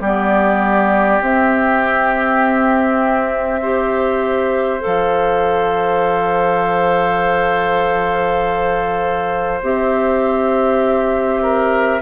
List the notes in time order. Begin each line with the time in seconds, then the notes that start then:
0.00 G3 B3 G4 D5
1.21 C4 E5
3.61 G4 C5
4.80 F3 A4 F5
9.62 C4 G4 E5
11.42 A#4